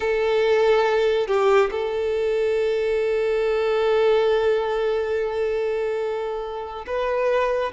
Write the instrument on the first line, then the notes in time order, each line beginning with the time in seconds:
violin
0.00 A4
1.27 G4
1.71 A4
6.86 B4